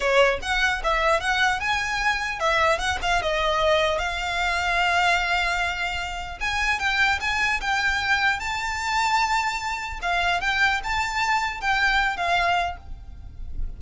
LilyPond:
\new Staff \with { instrumentName = "violin" } { \time 4/4 \tempo 4 = 150 cis''4 fis''4 e''4 fis''4 | gis''2 e''4 fis''8 f''8 | dis''2 f''2~ | f''1 |
gis''4 g''4 gis''4 g''4~ | g''4 a''2.~ | a''4 f''4 g''4 a''4~ | a''4 g''4. f''4. | }